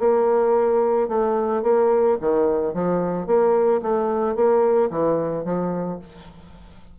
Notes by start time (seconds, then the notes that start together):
0.00 A#3
1.08 A3
1.63 A#3
2.21 D#3
2.74 F3
3.27 A#3
3.83 A3
4.36 A#3
4.91 E3
5.45 F3